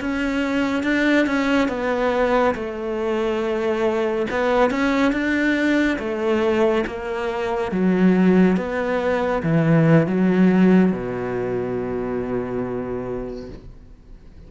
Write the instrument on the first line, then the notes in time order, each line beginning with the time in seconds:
cello
0.00 C#4
0.83 D4
1.26 C#4
1.68 B3
2.54 A3
4.30 B3
4.70 C#4
5.12 D4
5.98 A3
6.86 A#3
7.71 F#3
8.56 B3
9.42 E3
10.06 F#3
10.92 B2